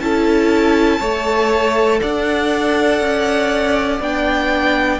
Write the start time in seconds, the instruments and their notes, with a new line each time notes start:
0.00 cello C#4, viola E4, violin A4 A5
1.00 cello A3, viola A4, violin C#5
2.01 cello D4, violin D5 F#5
3.01 cello C#4
4.00 cello B3, viola D4, violin G5